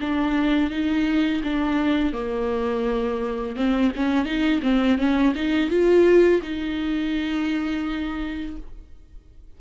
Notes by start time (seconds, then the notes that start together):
0.00 D4
0.70 D#4
1.43 D4
2.13 A#3
3.56 C4
3.95 C#4
4.25 D#4
4.62 C4
4.98 C#4
5.35 D#4
5.69 F4
6.42 D#4